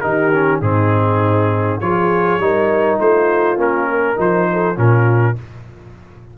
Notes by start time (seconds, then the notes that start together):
0.00 D#3 D#4 G4 A#4
0.33 C#4
0.61 G#2 C4 D#4 G#4
1.80 F3 F4 G#4 C#5
2.38 G3 D#4 A#4
2.99 A3 F4 C5
3.56 A#3 C#4 A#4
3.89 A#4
4.16 F3 D#4 C5
4.52 A4
4.76 A#2 C#4 F4 A#4